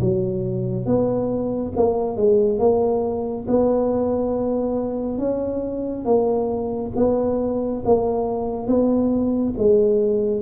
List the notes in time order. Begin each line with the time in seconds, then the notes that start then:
0.00 F#3
0.85 B3
1.76 A#3
2.16 G#3
2.59 A#3
3.47 B3
5.18 C#4
6.05 A#3
6.96 B3
7.85 A#3
8.66 B3
9.57 G#3